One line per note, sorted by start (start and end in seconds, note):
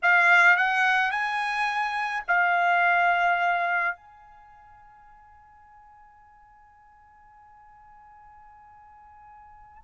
0.02 0.57 F5
0.57 1.11 F#5
1.11 2.23 G#5
2.27 3.95 F5
3.96 9.83 G#5